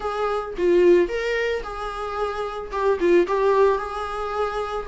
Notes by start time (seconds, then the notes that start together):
0.00 G#4
0.57 F4
1.08 A#4
1.63 G#4
2.71 G4
3.00 F4
3.27 G4
3.78 G#4